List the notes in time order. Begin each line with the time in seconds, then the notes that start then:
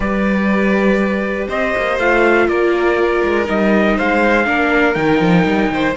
0.00 G3 G4 B4 D5
1.48 C4 C5 D#5
1.77 A#3
1.98 A3 F4 F5
2.47 A#3 A#4 D5
3.23 G#3
3.44 G3 D#4 D#5
3.96 G#3 C5 F5
4.45 A#3 D4 A#4
4.94 D#3 D#4 G5
5.20 F3
5.45 G3
5.70 D#3 C5